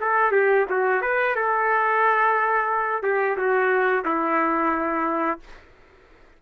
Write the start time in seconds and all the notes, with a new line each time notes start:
0.00 A4
0.31 G4
0.69 F#4
1.01 B4
1.35 A4
3.02 G4
3.37 F#4
4.04 E4